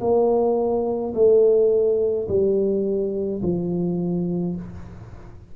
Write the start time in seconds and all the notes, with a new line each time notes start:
0.00 A#3
1.14 A3
2.28 G3
3.43 F3